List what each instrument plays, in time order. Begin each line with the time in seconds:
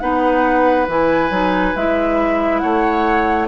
0.00 bassoon B3, clarinet D#4, oboe B4, flute F#5
0.88 bassoon E3, clarinet E4, flute G#5
1.31 bassoon F#3, clarinet D#4
1.76 bassoon G#3, clarinet E4, flute E5
2.59 bassoon A3, oboe C#5, flute F#5